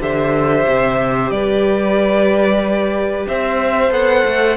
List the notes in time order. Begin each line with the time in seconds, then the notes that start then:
0.00 D3 G4 C5 E5
0.67 C3
1.30 G3 B4 D5
3.27 C4 C5 E5
3.89 B3 A4 F#5
4.25 A3